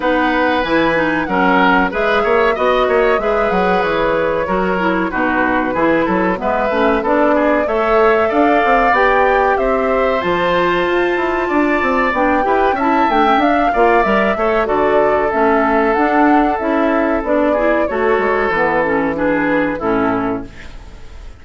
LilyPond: <<
  \new Staff \with { instrumentName = "flute" } { \time 4/4 \tempo 4 = 94 fis''4 gis''4 fis''4 e''4 | dis''4 e''8 fis''8 cis''2 | b'2 e''4 d''4 | e''4 f''4 g''4 e''4 |
a''2. g''4 | a''8 g''8 f''4 e''4 d''4 | e''4 fis''4 e''4 d''4 | cis''4 b'8 a'8 b'4 a'4 | }
  \new Staff \with { instrumentName = "oboe" } { \time 4/4 b'2 ais'4 b'8 cis''8 | dis''8 cis''8 b'2 ais'4 | fis'4 gis'8 a'8 b'4 a'8 gis'8 | cis''4 d''2 c''4~ |
c''2 d''4. b'8 | e''4. d''4 cis''8 a'4~ | a'2.~ a'8 gis'8 | a'2 gis'4 e'4 | }
  \new Staff \with { instrumentName = "clarinet" } { \time 4/4 dis'4 e'8 dis'8 cis'4 gis'4 | fis'4 gis'2 fis'8 e'8 | dis'4 e'4 b8 cis'8 d'4 | a'2 g'2 |
f'2. d'8 g'8 | e'8 d'16 cis'16 d'8 f'8 ais'8 a'8 fis'4 | cis'4 d'4 e'4 d'8 e'8 | fis'4 b8 cis'8 d'4 cis'4 | }
  \new Staff \with { instrumentName = "bassoon" } { \time 4/4 b4 e4 fis4 gis8 ais8 | b8 ais8 gis8 fis8 e4 fis4 | b,4 e8 fis8 gis8 a8 b4 | a4 d'8 c'8 b4 c'4 |
f4 f'8 e'8 d'8 c'8 b8 e'8 | cis'8 a8 d'8 ais8 g8 a8 d4 | a4 d'4 cis'4 b4 | a8 gis8 e2 a,4 | }
>>